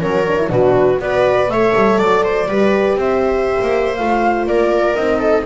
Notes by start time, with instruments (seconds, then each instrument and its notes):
0.00 double bass F#3, horn C#4, viola A#4, flute C#5
0.28 horn D4
0.38 horn E4
0.49 double bass B2, horn D4, viola F#4, flute B4
1.00 double bass B3, horn F#4, viola B4, flute D5
1.49 double bass A3, horn A4, viola C#5, flute E5
1.76 double bass G3
1.99 double bass F#3, flute D5, viola D5
2.24 viola C5
2.47 double bass G3, horn G4, viola B4
2.95 double bass C4, viola C5, flute E5
3.62 double bass A#3
3.96 double bass A3, horn F4, flute F5
4.47 double bass A#3, viola A#4, flute D5
4.96 double bass C4, horn D#4, flute D#5
5.19 viola A4